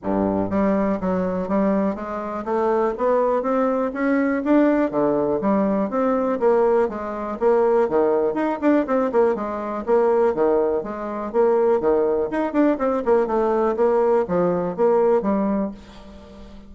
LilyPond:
\new Staff \with { instrumentName = "bassoon" } { \time 4/4 \tempo 4 = 122 g,4 g4 fis4 g4 | gis4 a4 b4 c'4 | cis'4 d'4 d4 g4 | c'4 ais4 gis4 ais4 |
dis4 dis'8 d'8 c'8 ais8 gis4 | ais4 dis4 gis4 ais4 | dis4 dis'8 d'8 c'8 ais8 a4 | ais4 f4 ais4 g4 | }